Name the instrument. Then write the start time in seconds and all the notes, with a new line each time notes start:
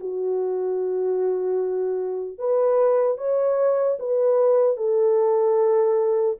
horn
0.00 F#4
2.38 B4
3.17 C#5
3.99 B4
4.76 A4